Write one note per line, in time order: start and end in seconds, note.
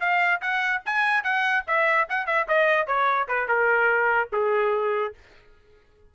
0.00 0.41 F5
0.41 0.82 F#5
0.86 1.24 G#5
1.24 1.65 F#5
1.67 2.08 E5
2.09 2.26 F#5
2.26 2.47 E5
2.48 2.87 D#5
2.87 3.28 C#5
3.28 3.48 B4
3.48 4.30 A#4
4.32 5.14 G#4